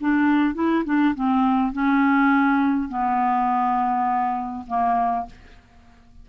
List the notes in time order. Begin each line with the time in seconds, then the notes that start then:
0.00 D4
0.54 E4
0.85 D4
1.14 C4
1.72 C#4
2.89 B3
4.67 A#3